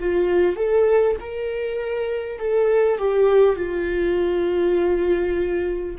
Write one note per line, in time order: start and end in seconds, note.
0.00 0.57 F4
0.57 1.17 A4
1.21 2.39 A#4
2.39 2.98 A4
2.98 3.56 G4
3.56 5.96 F4